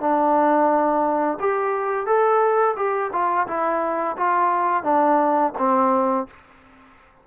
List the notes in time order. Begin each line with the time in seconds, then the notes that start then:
0.00 D4
1.39 G4
2.06 A4
2.76 G4
3.12 F4
3.47 E4
4.17 F4
4.83 D4
5.58 C4